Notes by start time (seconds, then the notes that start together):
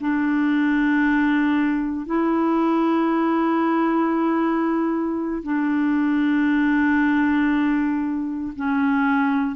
0.00 D4
2.06 E4
5.43 D4
8.56 C#4